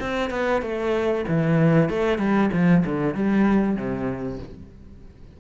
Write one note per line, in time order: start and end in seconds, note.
0.00 0.30 C4
0.30 0.62 B3
0.62 1.25 A3
1.28 1.89 E3
1.89 2.18 A3
2.18 2.50 G3
2.52 2.84 F3
2.85 3.15 D3
3.15 3.76 G3
3.76 4.39 C3